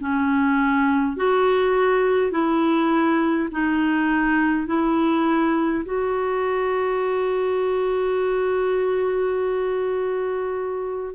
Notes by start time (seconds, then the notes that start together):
0.00 C#4
1.16 F#4
2.31 E4
3.51 D#4
4.66 E4
5.85 F#4